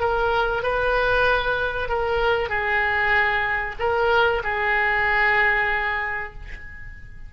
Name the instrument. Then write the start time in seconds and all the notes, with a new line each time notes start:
oboe
0.00 A#4
0.63 B4
1.89 A#4
2.49 G#4
3.79 A#4
4.44 G#4